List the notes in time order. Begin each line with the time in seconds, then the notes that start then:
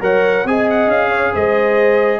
0.00 F#3 A#4 C#5 F#5
0.44 C4 G#4 D#5 G#5
0.69 F#5
0.87 C#4 F5
1.08 C#5
1.32 G#3 C5 D#5